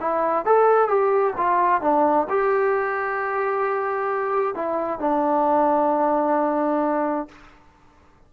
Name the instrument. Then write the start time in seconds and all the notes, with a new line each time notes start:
trombone
0.00 E4
0.45 A4
0.88 G4
1.37 F4
1.81 D4
2.29 G4
4.55 E4
4.99 D4